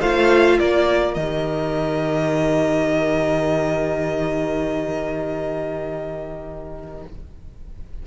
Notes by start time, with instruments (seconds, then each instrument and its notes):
0.00 cello A3, viola F4, violin C5 F5
0.58 cello A#3, violin A#4 D5
1.14 cello D#3, viola G4, violin D#5